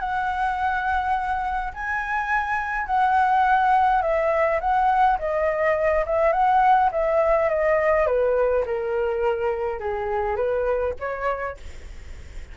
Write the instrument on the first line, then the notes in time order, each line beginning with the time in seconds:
flute
0.00 F#5
1.74 G#5
2.87 F#5
4.02 E5
4.60 F#5
5.19 D#5
6.06 E5
6.33 F#5
6.92 E5
7.49 D#5
8.07 B4
8.66 A#4
9.80 G#4
10.36 B4
11.00 C#5